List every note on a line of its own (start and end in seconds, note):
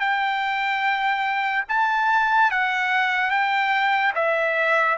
0.00 1.64 G5
1.68 2.51 A5
2.51 3.31 F#5
3.31 4.13 G5
4.15 4.97 E5